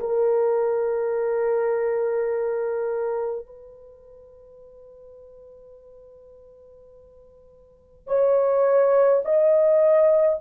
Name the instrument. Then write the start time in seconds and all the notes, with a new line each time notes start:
horn
0.00 A#4
3.46 B4
8.08 C#5
9.25 D#5